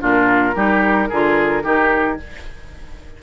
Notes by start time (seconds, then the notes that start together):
0.00 A#2 D4 F4
0.07 A#4
0.55 G3 D#4 G4
1.09 D3 F4 G#4
1.64 D#3 D#4 G4